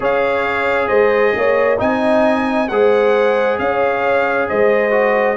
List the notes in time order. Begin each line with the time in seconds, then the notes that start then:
0.00 C#4 G#4 C#5 F5
0.87 G#3 C5 D#5
1.35 A#3 C#5
1.77 C4 D#4 D#5 G#5
2.68 G#3 G#4 C5 F#5
3.58 C#4 C#5 F5
4.48 G#3 C5 D#5
4.90 F#4